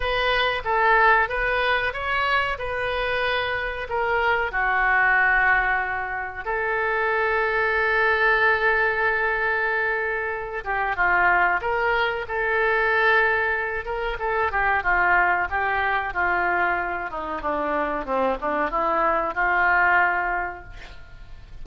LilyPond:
\new Staff \with { instrumentName = "oboe" } { \time 4/4 \tempo 4 = 93 b'4 a'4 b'4 cis''4 | b'2 ais'4 fis'4~ | fis'2 a'2~ | a'1~ |
a'8 g'8 f'4 ais'4 a'4~ | a'4. ais'8 a'8 g'8 f'4 | g'4 f'4. dis'8 d'4 | c'8 d'8 e'4 f'2 | }